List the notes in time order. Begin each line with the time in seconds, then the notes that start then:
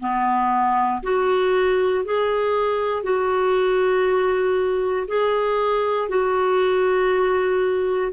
0.00 B3
1.03 F#4
2.04 G#4
3.03 F#4
5.08 G#4
6.08 F#4